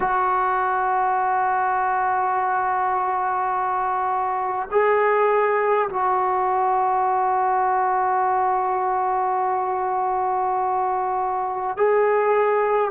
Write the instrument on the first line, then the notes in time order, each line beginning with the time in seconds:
trombone
0.00 F#4
4.71 G#4
5.89 F#4
11.76 G#4